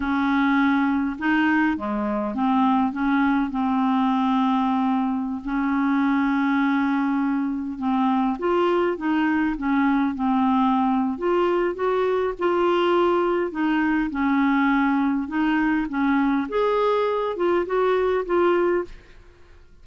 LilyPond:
\new Staff \with { instrumentName = "clarinet" } { \time 4/4 \tempo 4 = 102 cis'2 dis'4 gis4 | c'4 cis'4 c'2~ | c'4~ c'16 cis'2~ cis'8.~ | cis'4~ cis'16 c'4 f'4 dis'8.~ |
dis'16 cis'4 c'4.~ c'16 f'4 | fis'4 f'2 dis'4 | cis'2 dis'4 cis'4 | gis'4. f'8 fis'4 f'4 | }